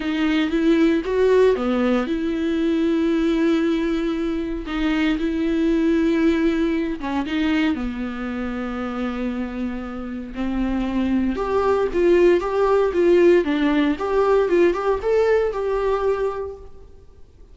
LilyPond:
\new Staff \with { instrumentName = "viola" } { \time 4/4 \tempo 4 = 116 dis'4 e'4 fis'4 b4 | e'1~ | e'4 dis'4 e'2~ | e'4. cis'8 dis'4 b4~ |
b1 | c'2 g'4 f'4 | g'4 f'4 d'4 g'4 | f'8 g'8 a'4 g'2 | }